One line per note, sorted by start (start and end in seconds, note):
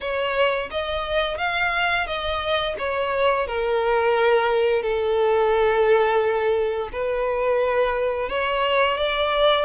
0.00 0.69 C#5
0.71 1.37 D#5
1.37 2.06 F5
2.06 2.75 D#5
2.78 3.47 C#5
3.47 4.82 A#4
4.82 6.89 A4
6.92 8.29 B4
8.29 8.97 C#5
8.97 9.65 D5